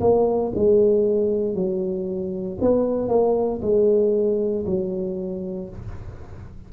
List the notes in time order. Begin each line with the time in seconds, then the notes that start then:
0.00 A#3
0.55 G#3
1.54 F#3
2.61 B3
3.08 A#3
3.62 G#3
4.66 F#3